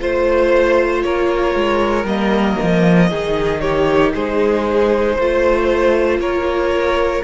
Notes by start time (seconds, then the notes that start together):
0.00 A3 F4 C5
1.03 A#3 A#4 C#5
1.55 G#3
2.05 G3 A#3 D#5
2.62 F3
3.10 D#3 D#4 G#4
3.61 G4 C#5
4.15 G#3 G#4 C5
5.16 A3 F4 C5
6.19 A#3 A#4 C#5